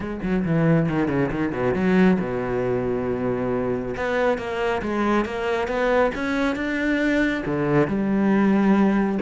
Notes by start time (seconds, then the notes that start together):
0.00 G#3
0.22 F#3
0.44 E3
0.89 D#3
1.08 C#3
1.31 D#3
1.52 B2
1.74 F#3
2.20 B2
3.96 B3
4.37 A#3
4.82 G#3
5.25 A#3
5.67 B3
6.15 C#4
6.55 D4
7.46 D3
7.87 G3